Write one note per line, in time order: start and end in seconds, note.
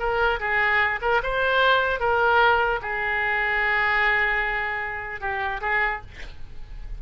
0.00 0.40 A#4
0.40 1.00 G#4
1.02 1.22 A#4
1.23 2.00 C5
2.00 2.80 A#4
2.82 5.21 G#4
5.21 5.61 G4
5.61 6.01 G#4